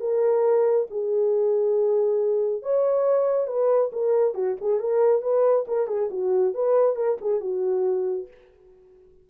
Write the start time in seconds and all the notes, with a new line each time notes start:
0.00 A#4
0.91 G#4
2.63 C#5
3.47 B4
3.92 A#4
4.35 F#4
4.61 G#4
4.80 A#4
5.22 B4
5.68 A#4
5.88 G#4
6.11 F#4
6.54 B4
6.96 A#4
7.21 G#4
7.41 F#4